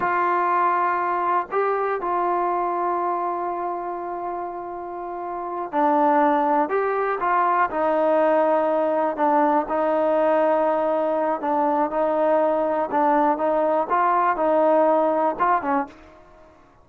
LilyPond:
\new Staff \with { instrumentName = "trombone" } { \time 4/4 \tempo 4 = 121 f'2. g'4 | f'1~ | f'2.~ f'8 d'8~ | d'4. g'4 f'4 dis'8~ |
dis'2~ dis'8 d'4 dis'8~ | dis'2. d'4 | dis'2 d'4 dis'4 | f'4 dis'2 f'8 cis'8 | }